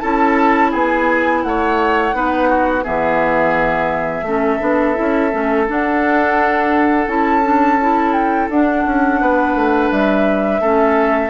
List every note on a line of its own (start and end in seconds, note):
0.00 0.74 C#4
0.00 2.14 E4
0.00 0.71 A4
0.00 0.71 A5
0.71 1.44 B3
0.71 1.41 G#4
0.71 1.43 G#5
1.43 2.13 A3
1.43 2.16 C#5
1.43 2.84 F#5
2.13 2.84 B3
2.13 2.83 D#4
2.13 2.49 B4
2.49 2.84 F#4
2.83 4.22 E3
2.83 4.24 B3
2.83 4.25 G#4
2.83 5.67 E5
4.22 4.57 A3
4.22 4.60 C#4
4.22 9.21 A4
4.60 4.97 B3
4.60 4.95 D4
4.95 5.33 C#4
4.95 5.30 E4
5.32 5.69 A3
5.32 5.67 C#4
5.67 7.07 D4
5.67 7.08 F#5
7.07 8.48 C#4
7.07 7.43 E4
7.07 8.13 A5
7.43 7.78 D4
7.81 8.51 E4
8.13 8.48 G5
8.50 8.85 D4
8.50 10.62 D4
8.50 9.92 F#5
8.86 9.21 C#4
9.21 9.55 B3
9.21 10.61 B4
9.55 9.90 A3
9.91 10.60 G3
9.91 11.30 E5
10.60 11.30 A3
10.60 11.30 C#4
10.60 11.30 A4